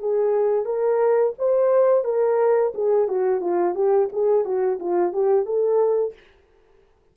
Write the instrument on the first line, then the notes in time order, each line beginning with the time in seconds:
horn
0.00 G#4
0.65 A#4
1.39 C5
2.05 A#4
2.75 G#4
3.08 F#4
3.41 F4
3.75 G4
4.12 G#4
4.45 F#4
4.80 F4
5.13 G4
5.46 A4